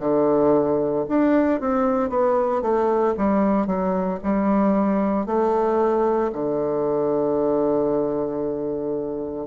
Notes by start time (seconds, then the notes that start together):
0.00 D3
1.09 D4
1.60 C4
2.10 B3
2.62 A3
3.18 G3
3.67 F#3
4.24 G3
5.27 A3
6.33 D3